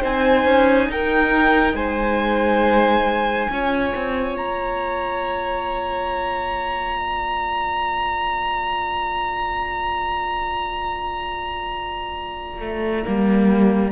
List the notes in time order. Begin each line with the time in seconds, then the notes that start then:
0.00 C4 D#4 C5 G#5
0.45 C#4
0.88 D#4 A#4 G5
1.74 G#3 C5 G#5
3.49 C#4 F4 C#5
3.95 C4
4.36 A#3 A#5
6.99 D5
12.61 A3
13.04 G3 A#3